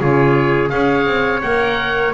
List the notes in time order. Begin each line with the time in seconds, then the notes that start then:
0.00 C#3 F4 G#4 C#5
0.69 C#4 G#4 C#5 F5
1.06 C4
1.42 A#3 A#4 F#5